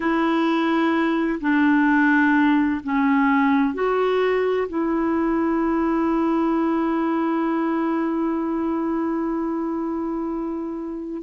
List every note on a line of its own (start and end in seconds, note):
0.00 1.39 E4
1.40 2.81 D4
2.83 3.73 C#4
3.73 4.67 F#4
4.68 11.22 E4